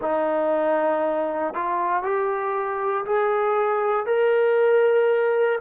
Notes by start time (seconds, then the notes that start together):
0.01 D#4
1.53 F4
2.02 G4
3.05 G#4
4.06 A#4